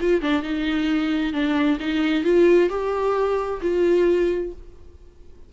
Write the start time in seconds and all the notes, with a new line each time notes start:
0.00 F4
0.21 D4
0.42 D#4
1.33 D4
1.80 D#4
2.24 F4
2.69 G4
3.61 F4